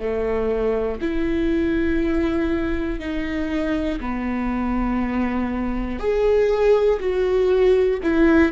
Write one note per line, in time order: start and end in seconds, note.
0.00 1.00 A3
1.01 3.00 E4
3.00 4.00 D#4
4.01 6.00 B3
6.00 7.00 G#4
7.00 8.00 F#4
8.03 8.53 E4